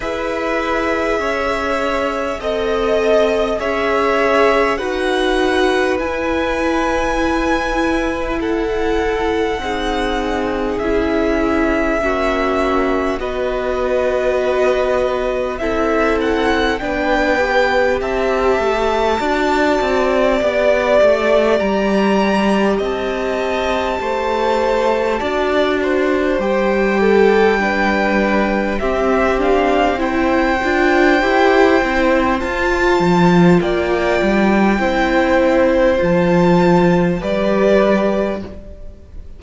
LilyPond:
<<
  \new Staff \with { instrumentName = "violin" } { \time 4/4 \tempo 4 = 50 e''2 dis''4 e''4 | fis''4 gis''2 fis''4~ | fis''4 e''2 dis''4~ | dis''4 e''8 fis''8 g''4 a''4~ |
a''4 d''4 ais''4 a''4~ | a''2 g''2 | e''8 f''8 g''2 a''4 | g''2 a''4 d''4 | }
  \new Staff \with { instrumentName = "violin" } { \time 4/4 b'4 cis''4 dis''4 cis''4 | b'2. a'4 | gis'2 fis'4 b'4~ | b'4 a'4 b'4 e''4 |
d''2. dis''4 | c''4 d''8 c''4 a'8 b'4 | g'4 c''2. | d''4 c''2 b'4 | }
  \new Staff \with { instrumentName = "viola" } { \time 4/4 gis'2 a'4 gis'4 | fis'4 e'2. | dis'4 e'4 cis'4 fis'4~ | fis'4 e'4 d'8 g'4. |
fis'4 g'2.~ | g'4 fis'4 g'4 d'4 | c'8 d'8 e'8 f'8 g'8 e'8 f'4~ | f'4 e'4 f'4 g'4 | }
  \new Staff \with { instrumentName = "cello" } { \time 4/4 e'4 cis'4 c'4 cis'4 | dis'4 e'2. | c'4 cis'4 ais4 b4~ | b4 c'4 b4 c'8 a8 |
d'8 c'8 b8 a8 g4 c'4 | a4 d'4 g2 | c'4. d'8 e'8 c'8 f'8 f8 | ais8 g8 c'4 f4 g4 | }
>>